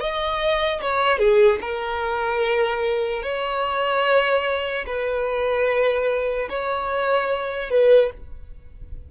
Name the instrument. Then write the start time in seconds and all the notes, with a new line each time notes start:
violin
0.00 D#5
0.81 C#5
1.19 G#4
1.61 A#4
3.23 C#5
4.86 B4
6.50 C#5
7.70 B4